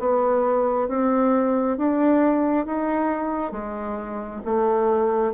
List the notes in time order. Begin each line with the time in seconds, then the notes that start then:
0.00 B3
0.89 C4
1.78 D4
2.66 D#4
3.52 G#3
4.45 A3